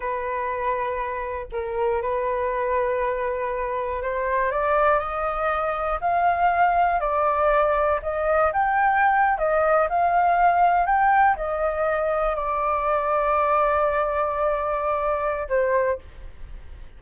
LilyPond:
\new Staff \with { instrumentName = "flute" } { \time 4/4 \tempo 4 = 120 b'2. ais'4 | b'1 | c''4 d''4 dis''2 | f''2 d''2 |
dis''4 g''4.~ g''16 dis''4 f''16~ | f''4.~ f''16 g''4 dis''4~ dis''16~ | dis''8. d''2.~ d''16~ | d''2. c''4 | }